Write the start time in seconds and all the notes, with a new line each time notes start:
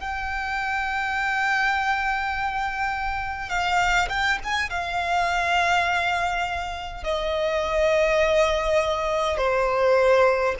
0.00 G5
3.50 F5
4.10 G5
4.44 G#5
4.70 F5
7.04 D#5
9.38 C5